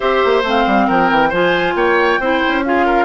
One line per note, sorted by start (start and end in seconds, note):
0.00 0.22 C4
0.00 0.43 G4
0.00 0.86 C5
0.00 0.43 E5
0.24 0.43 A#3
0.43 0.65 A3
0.43 1.32 C4
0.43 0.89 F5
0.66 0.88 G3
0.87 1.10 F3
0.87 1.29 A#4
0.87 1.33 G5
1.10 1.32 E3
1.29 1.74 F3
1.29 2.20 F4
1.29 1.73 C5
1.29 1.76 G#5
1.74 2.19 A#3
1.74 2.20 C#5
1.74 2.64 G5
2.19 2.41 C4
2.19 2.64 E4
2.19 2.64 C5
2.47 3.05 C#4
2.64 3.05 F4
2.64 2.85 G#4
2.64 3.05 F5
2.85 3.05 A#4